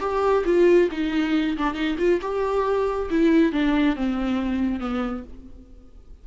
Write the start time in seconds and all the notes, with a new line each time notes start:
0.00 G4
0.45 F4
0.91 D#4
1.57 D4
1.74 D#4
1.98 F4
2.21 G4
3.10 E4
3.52 D4
3.96 C4
4.79 B3